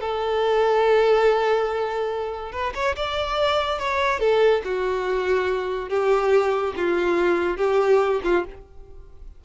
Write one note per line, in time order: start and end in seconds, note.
0.00 2.52 A4
2.52 2.73 B4
2.74 2.95 C#5
2.96 3.79 D5
3.79 4.20 C#5
4.20 4.62 A4
4.64 5.89 F#4
5.89 6.73 G4
6.76 7.57 F4
7.57 8.20 G4
8.23 8.44 F4